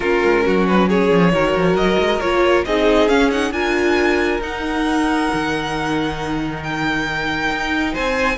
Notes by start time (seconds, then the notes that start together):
0.00 A#3 C#4 F4 A#4
0.24 G#3
0.45 F#3 F#4
0.67 B4
0.88 G#4 C#5
1.10 F3
1.32 D#3 F#4 A#4
1.56 F3
1.74 F#3 D#5
1.98 G#3
2.20 A#3 F4 C#5
2.65 C4 D#4 G#4 D#5
3.08 C#4 F5
3.30 D#4 F#5
3.51 D4 F4 A#4 G#5
4.40 D#4 F#5
5.33 D#3
6.62 G5
7.50 D#4
7.92 C4 C5 G#5